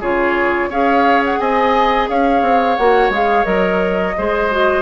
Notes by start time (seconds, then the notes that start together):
0.00 C#3 F4 G#4 C#5
0.68 C#4 G#4 C#5 F5
1.25 F#5
1.39 C4 D#5 G#5
2.09 C#4 C#5 F5
2.42 C4
2.76 A#3 F#4 F#5
3.09 G#3 G#4 F5
3.44 F#3 A#4 D#5
4.17 G#3 G#4 C5
4.51 F#4